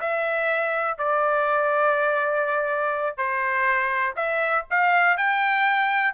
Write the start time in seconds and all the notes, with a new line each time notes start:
0.00 E5
0.98 D5
3.17 C5
4.16 E5
4.70 F5
5.17 G5